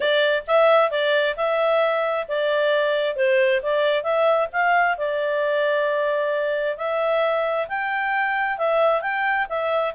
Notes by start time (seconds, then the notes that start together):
0.00 D5
0.47 E5
0.90 D5
1.36 E5
2.28 D5
3.16 C5
3.62 D5
4.03 E5
4.52 F5
4.97 D5
6.77 E5
7.68 G5
8.58 E5
9.01 G5
9.49 E5